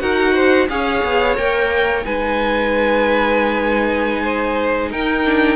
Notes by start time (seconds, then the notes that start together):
0.00 D#4 F#4 A#4 F#5
0.35 C5
0.69 C#4 G#4 C#5 F5
1.04 B3
1.36 A#3 A#4 G5
2.04 G#3 D#4 B4 G#5
4.22 C5
4.92 D#4 A#4 G5
5.26 D4